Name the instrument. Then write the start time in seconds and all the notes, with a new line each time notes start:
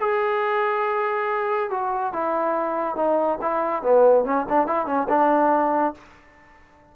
trombone
0.00 G#4
1.70 F#4
2.13 E4
2.96 D#4
3.41 E4
3.83 B3
4.25 C#4
4.49 D4
4.67 E4
4.86 C#4
5.09 D4